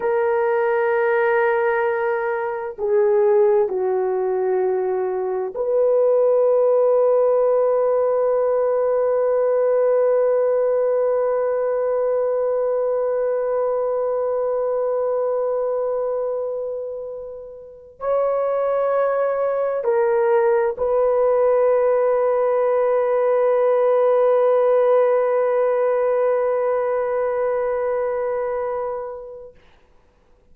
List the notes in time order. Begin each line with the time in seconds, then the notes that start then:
0.00 A#4
2.78 G#4
3.68 F#4
5.54 B4
17.99 C#5
19.83 A#4
20.77 B4